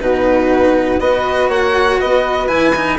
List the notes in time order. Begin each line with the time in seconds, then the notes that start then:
0.00 B2 D#4 F#4 B4
1.00 B3 F#4 B4 D#5
1.48 A#3 C#5 F#5
2.00 B3 B4 D#5
2.48 E3 E4 G#5
2.75 D#4